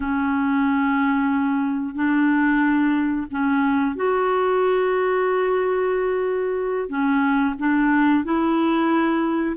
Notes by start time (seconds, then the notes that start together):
0.00 C#4
1.95 D4
3.30 C#4
3.95 F#4
6.88 C#4
7.58 D4
8.24 E4